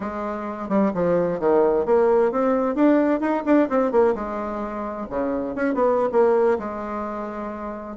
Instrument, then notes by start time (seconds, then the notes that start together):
bassoon
0.00 G#3
0.69 G3
0.93 F3
1.39 D#3
1.85 A#3
2.31 C4
2.75 D4
3.20 D#4
3.45 D4
3.69 C4
3.91 A#3
4.14 G#3
5.09 C#3
5.55 C#4
5.74 B3
6.12 A#3
6.58 G#3